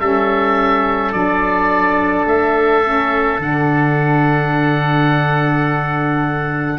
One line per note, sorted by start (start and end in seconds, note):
0.00 1.13 G3
0.00 1.13 C#4
0.00 6.79 A4
0.00 1.12 E5
1.12 2.26 F#3
1.12 2.83 D4
1.12 2.26 D5
2.26 3.39 A3
2.26 3.41 E5
2.83 3.40 C#4
3.39 6.79 D3
3.39 6.79 D4
3.39 6.79 F#5